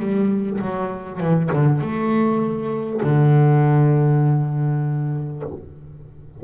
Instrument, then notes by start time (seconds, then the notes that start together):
double bass
0.00 G3
0.61 F#3
1.20 E3
1.53 D3
1.81 A3
3.03 D3